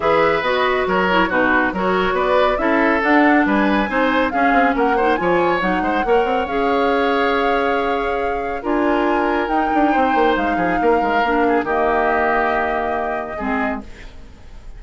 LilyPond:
<<
  \new Staff \with { instrumentName = "flute" } { \time 4/4 \tempo 4 = 139 e''4 dis''4 cis''4 b'4 | cis''4 d''4 e''4 fis''4 | gis''2 f''4 fis''4 | gis''4 fis''2 f''4~ |
f''1 | gis''2 g''2 | f''2. dis''4~ | dis''1 | }
  \new Staff \with { instrumentName = "oboe" } { \time 4/4 b'2 ais'4 fis'4 | ais'4 b'4 a'2 | b'4 c''4 gis'4 ais'8 c''8 | cis''4. c''8 cis''2~ |
cis''1 | ais'2. c''4~ | c''8 gis'8 ais'4. gis'8 g'4~ | g'2. gis'4 | }
  \new Staff \with { instrumentName = "clarinet" } { \time 4/4 gis'4 fis'4. e'8 dis'4 | fis'2 e'4 d'4~ | d'4 dis'4 cis'4. dis'8 | f'4 dis'4 ais'4 gis'4~ |
gis'1 | f'2 dis'2~ | dis'2 d'4 ais4~ | ais2. c'4 | }
  \new Staff \with { instrumentName = "bassoon" } { \time 4/4 e4 b4 fis4 b,4 | fis4 b4 cis'4 d'4 | g4 c'4 cis'8 c'8 ais4 | f4 fis8 gis8 ais8 c'8 cis'4~ |
cis'1 | d'2 dis'8 d'8 c'8 ais8 | gis8 f8 ais8 gis8 ais4 dis4~ | dis2. gis4 | }
>>